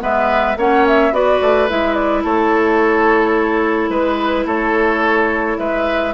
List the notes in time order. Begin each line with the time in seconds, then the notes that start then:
0.00 G#3 B3 B4 E5
0.56 A#3 C#4 C#5 F#5
0.87 E5
1.11 B3 F#4 B4 D5
1.42 A3
1.69 G#3 E4 E5
1.94 D5
2.24 A3 A4 C#5
3.89 G#3 B4
4.46 A3 A4 C#5
5.58 G#3 B4 E5